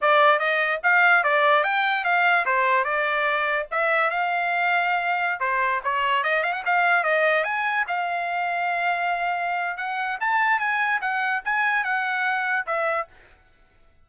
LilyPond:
\new Staff \with { instrumentName = "trumpet" } { \time 4/4 \tempo 4 = 147 d''4 dis''4 f''4 d''4 | g''4 f''4 c''4 d''4~ | d''4 e''4 f''2~ | f''4~ f''16 c''4 cis''4 dis''8 f''16 |
fis''16 f''4 dis''4 gis''4 f''8.~ | f''1 | fis''4 a''4 gis''4 fis''4 | gis''4 fis''2 e''4 | }